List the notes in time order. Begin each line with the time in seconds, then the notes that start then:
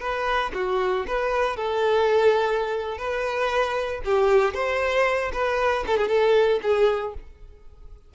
0.00 B4
0.54 F#4
1.07 B4
1.57 A4
2.98 B4
4.05 G4
4.54 C5
5.33 B4
5.87 A4
5.97 G#4
6.08 A4
6.63 G#4